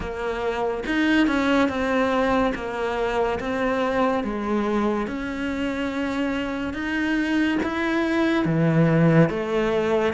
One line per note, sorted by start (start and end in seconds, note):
0.00 0.83 A#3
0.86 1.27 D#4
1.27 1.69 C#4
1.69 2.53 C4
2.54 3.39 A#3
3.39 4.23 C4
4.23 5.07 G#3
5.07 6.73 C#4
6.73 7.58 D#4
7.63 8.45 E4
8.45 9.29 E3
9.29 10.13 A3